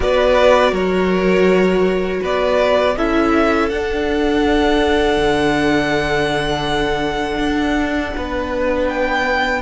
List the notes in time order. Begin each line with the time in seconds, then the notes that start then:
0.00 B3 F#4 B4 D5
0.71 F#3 A#4 C#5
2.21 B3 B4 D5
2.96 C#4 E4 A4 E5
3.69 D4 F#5
5.16 D3
7.37 D4
8.17 B3 B4
8.88 G5